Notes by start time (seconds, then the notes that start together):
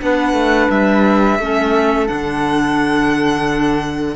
0.00 B3 D4 B4 F#5
0.33 A3
0.70 G3 E5
1.39 A3 C#4 A4
2.07 D3 D4 F#5